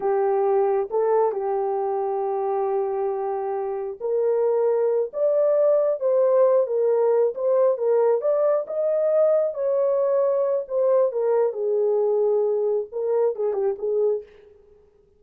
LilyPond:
\new Staff \with { instrumentName = "horn" } { \time 4/4 \tempo 4 = 135 g'2 a'4 g'4~ | g'1~ | g'4 ais'2~ ais'8 d''8~ | d''4. c''4. ais'4~ |
ais'8 c''4 ais'4 d''4 dis''8~ | dis''4. cis''2~ cis''8 | c''4 ais'4 gis'2~ | gis'4 ais'4 gis'8 g'8 gis'4 | }